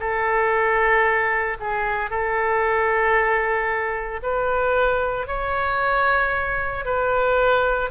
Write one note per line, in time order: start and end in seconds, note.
0.00 1.58 A4
1.60 2.11 G#4
2.11 4.21 A4
4.23 5.28 B4
5.28 6.86 C#5
6.86 7.91 B4